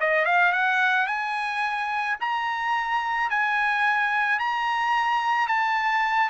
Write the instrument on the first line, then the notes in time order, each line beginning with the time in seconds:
trumpet
0.00 D#5
0.26 F5
0.53 F#5
1.07 G#5
2.21 A#5
3.30 G#5
4.40 A#5
5.48 A5